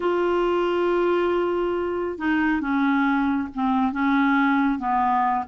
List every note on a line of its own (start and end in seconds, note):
0.00 2.18 F4
2.18 2.61 D#4
2.61 3.48 C#4
3.54 3.92 C4
3.92 4.78 C#4
4.78 5.44 B3